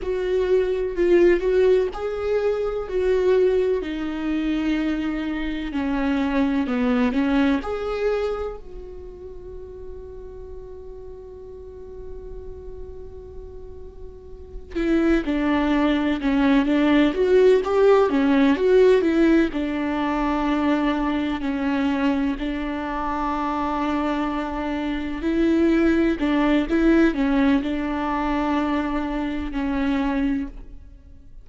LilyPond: \new Staff \with { instrumentName = "viola" } { \time 4/4 \tempo 4 = 63 fis'4 f'8 fis'8 gis'4 fis'4 | dis'2 cis'4 b8 cis'8 | gis'4 fis'2.~ | fis'2.~ fis'8 e'8 |
d'4 cis'8 d'8 fis'8 g'8 cis'8 fis'8 | e'8 d'2 cis'4 d'8~ | d'2~ d'8 e'4 d'8 | e'8 cis'8 d'2 cis'4 | }